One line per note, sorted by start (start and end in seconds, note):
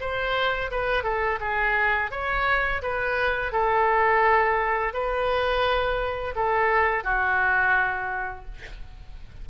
0.00 0.71 C5
0.71 1.03 B4
1.03 1.39 A4
1.40 2.11 G#4
2.11 2.81 C#5
2.82 3.52 B4
3.52 4.93 A4
4.93 6.34 B4
6.35 7.04 A4
7.04 8.45 F#4